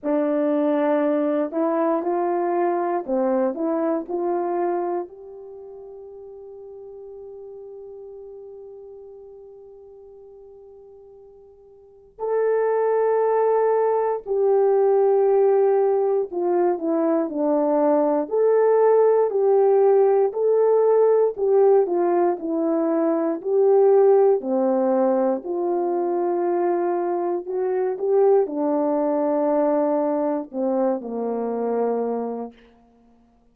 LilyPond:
\new Staff \with { instrumentName = "horn" } { \time 4/4 \tempo 4 = 59 d'4. e'8 f'4 c'8 e'8 | f'4 g'2.~ | g'1 | a'2 g'2 |
f'8 e'8 d'4 a'4 g'4 | a'4 g'8 f'8 e'4 g'4 | c'4 f'2 fis'8 g'8 | d'2 c'8 ais4. | }